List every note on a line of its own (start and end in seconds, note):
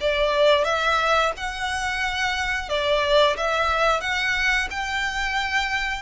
0.00 0.64 D5
0.64 1.31 E5
1.36 2.69 F#5
2.69 3.36 D5
3.36 4.01 E5
4.01 4.68 F#5
4.70 6.02 G5